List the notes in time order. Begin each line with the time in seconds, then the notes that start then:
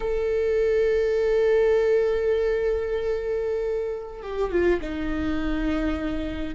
0.00 A4
4.22 G4
4.51 F4
4.81 D#4